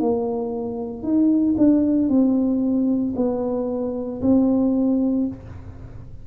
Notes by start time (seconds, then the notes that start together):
0.00 A#3
1.03 D#4
1.57 D4
2.09 C4
3.16 B3
4.22 C4